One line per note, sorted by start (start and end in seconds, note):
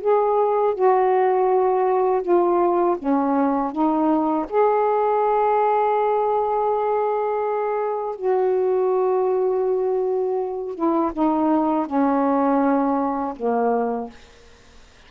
0.00 0.74 G#4
0.74 2.22 F#4
2.22 2.96 F4
2.98 3.71 C#4
3.71 4.45 D#4
4.49 8.15 G#4
8.15 10.74 F#4
10.74 11.11 E4
11.12 11.86 D#4
11.86 13.34 C#4
13.36 14.10 A#3